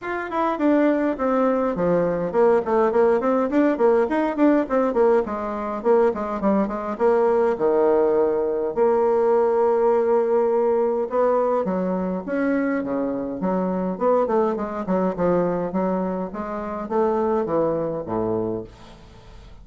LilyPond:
\new Staff \with { instrumentName = "bassoon" } { \time 4/4 \tempo 4 = 103 f'8 e'8 d'4 c'4 f4 | ais8 a8 ais8 c'8 d'8 ais8 dis'8 d'8 | c'8 ais8 gis4 ais8 gis8 g8 gis8 | ais4 dis2 ais4~ |
ais2. b4 | fis4 cis'4 cis4 fis4 | b8 a8 gis8 fis8 f4 fis4 | gis4 a4 e4 a,4 | }